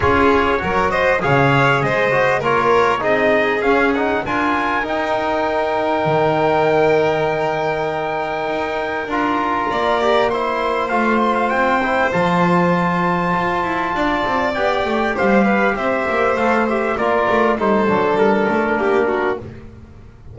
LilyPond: <<
  \new Staff \with { instrumentName = "trumpet" } { \time 4/4 \tempo 4 = 99 cis''4. dis''8 f''4 dis''4 | cis''4 dis''4 f''8 fis''8 gis''4 | g''1~ | g''2. ais''4~ |
ais''4 c'''4 f''8 c'''16 f''16 g''4 | a''1 | g''4 f''4 e''4 f''8 e''8 | d''4 c''4 ais'2 | }
  \new Staff \with { instrumentName = "violin" } { \time 4/4 gis'4 ais'8 c''8 cis''4 c''4 | ais'4 gis'2 ais'4~ | ais'1~ | ais'1 |
d''4 c''2.~ | c''2. d''4~ | d''4 c''8 b'8 c''2 | ais'4 a'2 g'8 fis'8 | }
  \new Staff \with { instrumentName = "trombone" } { \time 4/4 f'4 fis'4 gis'4. fis'8 | f'4 dis'4 cis'8 dis'8 f'4 | dis'1~ | dis'2. f'4~ |
f'8 g'8 e'4 f'4. e'8 | f'1 | g'2. a'8 g'8 | f'4 dis'8 d'2~ d'8 | }
  \new Staff \with { instrumentName = "double bass" } { \time 4/4 cis'4 fis4 cis4 gis4 | ais4 c'4 cis'4 d'4 | dis'2 dis2~ | dis2 dis'4 d'4 |
ais2 a4 c'4 | f2 f'8 e'8 d'8 c'8 | b8 a8 g4 c'8 ais8 a4 | ais8 a8 g8 fis8 g8 a8 ais4 | }
>>